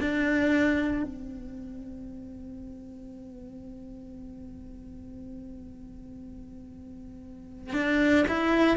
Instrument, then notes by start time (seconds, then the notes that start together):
cello
0.00 D4
1.03 C4
7.73 D4
8.28 E4